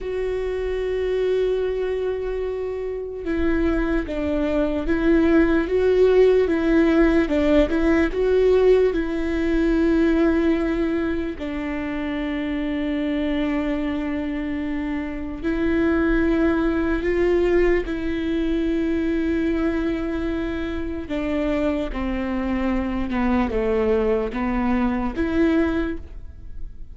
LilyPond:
\new Staff \with { instrumentName = "viola" } { \time 4/4 \tempo 4 = 74 fis'1 | e'4 d'4 e'4 fis'4 | e'4 d'8 e'8 fis'4 e'4~ | e'2 d'2~ |
d'2. e'4~ | e'4 f'4 e'2~ | e'2 d'4 c'4~ | c'8 b8 a4 b4 e'4 | }